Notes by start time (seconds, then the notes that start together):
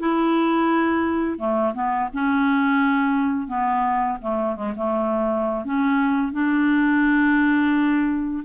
0.00 E4
1.39 A3
1.75 B3
2.14 C#4
3.48 B3
4.22 A3
4.56 G#3
4.77 A3
5.65 C#4
6.33 D4